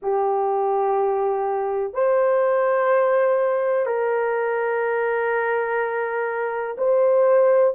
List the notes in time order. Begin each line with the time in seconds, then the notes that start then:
0.02 G4
1.94 C5
3.86 A#4
6.77 C5